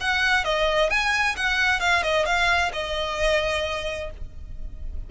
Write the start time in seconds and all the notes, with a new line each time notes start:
0.00 F#5
0.44 D#5
0.90 G#5
1.36 F#5
1.80 F5
2.03 D#5
2.25 F5
2.73 D#5